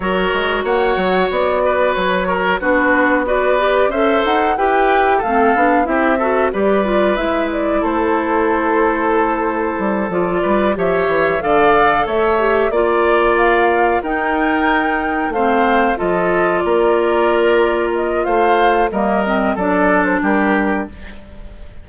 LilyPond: <<
  \new Staff \with { instrumentName = "flute" } { \time 4/4 \tempo 4 = 92 cis''4 fis''4 d''4 cis''4 | b'4 d''4 e''8 fis''8 g''4 | f''4 e''4 d''4 e''8 d''8 | c''2.~ c''8 d''8~ |
d''8 e''4 f''4 e''4 d''8~ | d''8 f''4 g''2 f''8~ | f''8 dis''4 d''2 dis''8 | f''4 dis''4 d''8. c''16 ais'4 | }
  \new Staff \with { instrumentName = "oboe" } { \time 4/4 ais'4 cis''4. b'4 ais'8 | fis'4 b'4 c''4 b'4 | a'4 g'8 a'8 b'2 | a'1 |
b'8 cis''4 d''4 cis''4 d''8~ | d''4. ais'2 c''8~ | c''8 a'4 ais'2~ ais'8 | c''4 ais'4 a'4 g'4 | }
  \new Staff \with { instrumentName = "clarinet" } { \time 4/4 fis'1 | d'4 fis'8 g'8 a'4 g'4 | c'8 d'8 e'8 fis'8 g'8 f'8 e'4~ | e'2.~ e'8 f'8~ |
f'8 g'4 a'4. g'8 f'8~ | f'4. dis'2 c'8~ | c'8 f'2.~ f'8~ | f'4 ais8 c'8 d'2 | }
  \new Staff \with { instrumentName = "bassoon" } { \time 4/4 fis8 gis8 ais8 fis8 b4 fis4 | b2 cis'8 dis'8 e'4 | a8 b8 c'4 g4 gis4 | a2. g8 f8 |
g8 f8 e8 d4 a4 ais8~ | ais4. dis'2 a8~ | a8 f4 ais2~ ais8 | a4 g4 fis4 g4 | }
>>